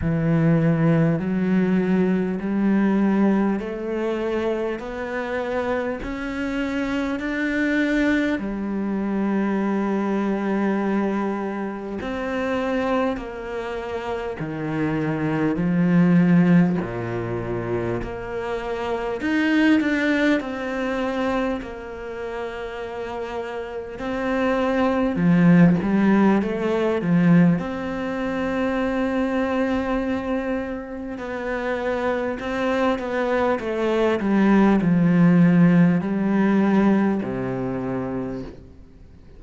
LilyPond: \new Staff \with { instrumentName = "cello" } { \time 4/4 \tempo 4 = 50 e4 fis4 g4 a4 | b4 cis'4 d'4 g4~ | g2 c'4 ais4 | dis4 f4 ais,4 ais4 |
dis'8 d'8 c'4 ais2 | c'4 f8 g8 a8 f8 c'4~ | c'2 b4 c'8 b8 | a8 g8 f4 g4 c4 | }